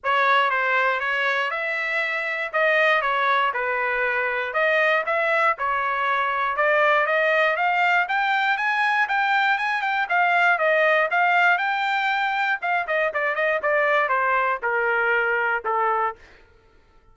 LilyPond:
\new Staff \with { instrumentName = "trumpet" } { \time 4/4 \tempo 4 = 119 cis''4 c''4 cis''4 e''4~ | e''4 dis''4 cis''4 b'4~ | b'4 dis''4 e''4 cis''4~ | cis''4 d''4 dis''4 f''4 |
g''4 gis''4 g''4 gis''8 g''8 | f''4 dis''4 f''4 g''4~ | g''4 f''8 dis''8 d''8 dis''8 d''4 | c''4 ais'2 a'4 | }